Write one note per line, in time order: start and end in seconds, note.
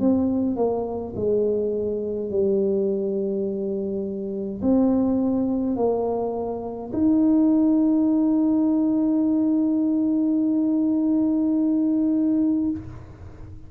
0.00 0.56 C4
0.56 1.14 A#3
1.16 2.30 G#3
2.30 4.61 G3
4.62 5.76 C4
5.76 6.92 A#3
6.93 12.70 D#4